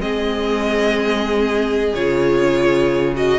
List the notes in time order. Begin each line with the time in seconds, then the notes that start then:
0.00 G#3 C4 G#4 D#5
1.94 C#3 F4 C#5
3.16 F#4 D#5